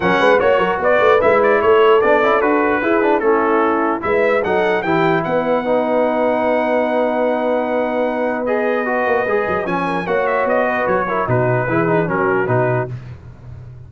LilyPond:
<<
  \new Staff \with { instrumentName = "trumpet" } { \time 4/4 \tempo 4 = 149 fis''4 cis''4 d''4 e''8 d''8 | cis''4 d''4 b'2 | a'2 e''4 fis''4 | g''4 fis''2.~ |
fis''1~ | fis''4 dis''2. | gis''4 fis''8 e''8 dis''4 cis''4 | b'2 ais'4 b'4 | }
  \new Staff \with { instrumentName = "horn" } { \time 4/4 ais'8 b'8 cis''8 ais'8 b'2 | a'2. gis'4 | e'2 b'4 a'4 | g'4 b'2.~ |
b'1~ | b'1~ | b'8 ais'8 cis''4. b'4 ais'8 | fis'4 gis'4 fis'2 | }
  \new Staff \with { instrumentName = "trombone" } { \time 4/4 cis'4 fis'2 e'4~ | e'4 d'8 e'8 fis'4 e'8 d'8 | cis'2 e'4 dis'4 | e'2 dis'2~ |
dis'1~ | dis'4 gis'4 fis'4 gis'4 | cis'4 fis'2~ fis'8 e'8 | dis'4 e'8 dis'8 cis'4 dis'4 | }
  \new Staff \with { instrumentName = "tuba" } { \time 4/4 fis8 gis8 ais8 fis8 b8 a8 gis4 | a4 b8 cis'8 d'4 e'4 | a2 gis4 fis4 | e4 b2.~ |
b1~ | b2~ b8 ais8 gis8 fis8 | f4 ais4 b4 fis4 | b,4 e4 fis4 b,4 | }
>>